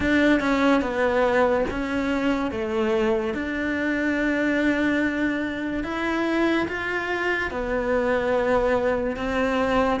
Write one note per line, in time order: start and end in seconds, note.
0.00 0.40 D4
0.40 0.81 C#4
0.81 1.64 B3
1.70 2.51 C#4
2.51 3.33 A3
3.33 5.83 D4
5.83 6.67 E4
6.68 7.50 F4
7.50 9.16 B3
9.16 10.00 C4